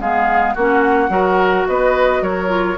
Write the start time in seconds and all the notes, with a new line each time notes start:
0.00 G#3 B3 G#4 F5
0.54 A#3 C#4 F#4 F#5
1.09 F#3 F#4 A#4
1.68 B3 B4 D#5
2.22 F#3 A#4 C#5
2.48 F4